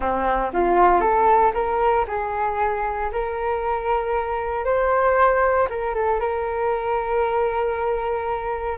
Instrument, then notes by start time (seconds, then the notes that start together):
flute
0.00 C4
0.53 F4
1.00 A4
1.54 A#4
2.07 G#4
3.12 A#4
4.64 C5
5.69 A#4
5.94 A4
6.20 A#4